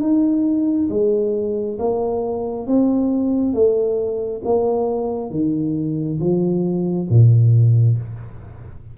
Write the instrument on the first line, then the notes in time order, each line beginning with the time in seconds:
tuba
0.00 D#4
0.89 G#3
1.78 A#3
2.67 C4
3.53 A3
4.44 A#3
5.30 D#3
6.20 F3
7.09 A#2